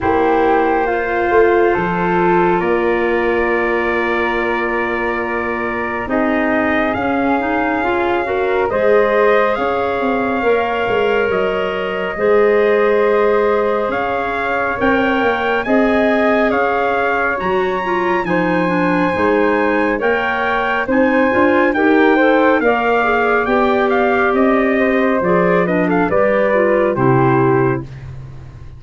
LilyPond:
<<
  \new Staff \with { instrumentName = "trumpet" } { \time 4/4 \tempo 4 = 69 c''2. d''4~ | d''2. dis''4 | f''2 dis''4 f''4~ | f''4 dis''2. |
f''4 g''4 gis''4 f''4 | ais''4 gis''2 g''4 | gis''4 g''4 f''4 g''8 f''8 | dis''4 d''8 dis''16 f''16 d''4 c''4 | }
  \new Staff \with { instrumentName = "flute" } { \time 4/4 g'4 f'4 a'4 ais'4~ | ais'2. gis'4~ | gis'4. ais'8 c''4 cis''4~ | cis''2 c''2 |
cis''2 dis''4 cis''4~ | cis''4 c''2 cis''4 | c''4 ais'8 c''8 d''2~ | d''8 c''4 b'16 a'16 b'4 g'4 | }
  \new Staff \with { instrumentName = "clarinet" } { \time 4/4 e'4 f'2.~ | f'2. dis'4 | cis'8 dis'8 f'8 fis'8 gis'2 | ais'2 gis'2~ |
gis'4 ais'4 gis'2 | fis'8 f'8 dis'8 d'8 dis'4 ais'4 | dis'8 f'8 g'8 a'8 ais'8 gis'8 g'4~ | g'4 gis'8 d'8 g'8 f'8 e'4 | }
  \new Staff \with { instrumentName = "tuba" } { \time 4/4 ais4. a8 f4 ais4~ | ais2. c'4 | cis'2 gis4 cis'8 c'8 | ais8 gis8 fis4 gis2 |
cis'4 c'8 ais8 c'4 cis'4 | fis4 f4 gis4 ais4 | c'8 d'8 dis'4 ais4 b4 | c'4 f4 g4 c4 | }
>>